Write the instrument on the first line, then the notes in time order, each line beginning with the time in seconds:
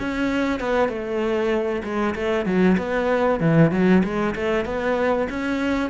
cello
0.00 C#4
0.61 B3
0.89 A3
1.84 G#3
2.16 A3
2.46 F#3
2.78 B3
3.40 E3
3.72 F#3
4.04 G#3
4.36 A3
4.66 B3
5.30 C#4